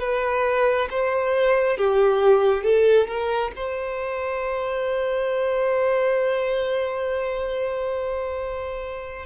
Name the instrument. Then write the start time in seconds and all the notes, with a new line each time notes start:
violin
0.00 B4
0.90 C5
1.78 G4
2.64 A4
3.08 A#4
3.56 C5